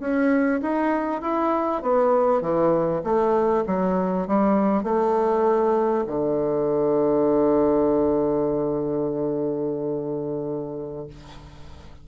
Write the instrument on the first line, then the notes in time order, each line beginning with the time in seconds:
bassoon
0.00 C#4
0.62 D#4
1.22 E4
1.82 B3
2.41 E3
3.04 A3
3.67 F#3
4.27 G3
4.83 A3
6.07 D3